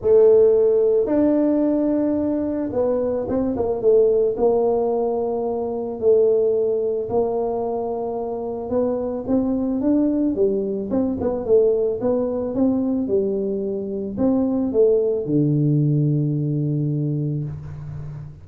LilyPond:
\new Staff \with { instrumentName = "tuba" } { \time 4/4 \tempo 4 = 110 a2 d'2~ | d'4 b4 c'8 ais8 a4 | ais2. a4~ | a4 ais2. |
b4 c'4 d'4 g4 | c'8 b8 a4 b4 c'4 | g2 c'4 a4 | d1 | }